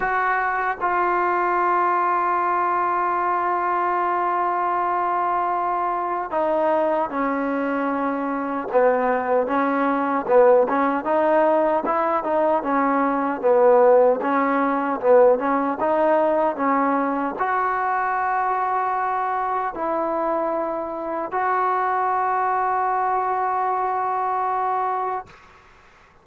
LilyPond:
\new Staff \with { instrumentName = "trombone" } { \time 4/4 \tempo 4 = 76 fis'4 f'2.~ | f'1 | dis'4 cis'2 b4 | cis'4 b8 cis'8 dis'4 e'8 dis'8 |
cis'4 b4 cis'4 b8 cis'8 | dis'4 cis'4 fis'2~ | fis'4 e'2 fis'4~ | fis'1 | }